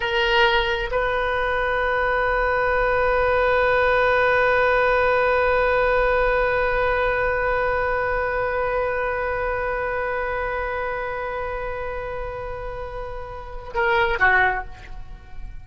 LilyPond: \new Staff \with { instrumentName = "oboe" } { \time 4/4 \tempo 4 = 131 ais'2 b'2~ | b'1~ | b'1~ | b'1~ |
b'1~ | b'1~ | b'1~ | b'2 ais'4 fis'4 | }